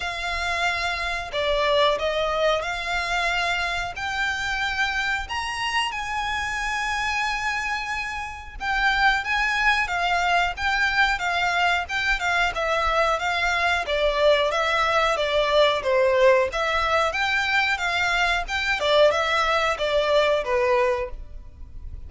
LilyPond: \new Staff \with { instrumentName = "violin" } { \time 4/4 \tempo 4 = 91 f''2 d''4 dis''4 | f''2 g''2 | ais''4 gis''2.~ | gis''4 g''4 gis''4 f''4 |
g''4 f''4 g''8 f''8 e''4 | f''4 d''4 e''4 d''4 | c''4 e''4 g''4 f''4 | g''8 d''8 e''4 d''4 b'4 | }